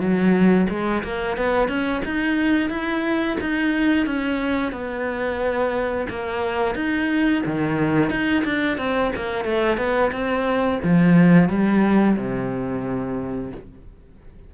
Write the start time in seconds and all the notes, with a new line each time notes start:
0.00 F#3
0.70 G#3
1.04 A#3
1.37 B3
1.69 C#4
2.05 D#4
2.70 E4
3.41 D#4
4.07 C#4
4.73 B3
6.10 A#3
6.75 D#4
7.46 D#3
8.11 D#4
8.45 D4
8.78 C4
9.16 A#3
9.45 A3
9.78 B3
10.12 C4
10.84 F3
11.49 G3
12.17 C3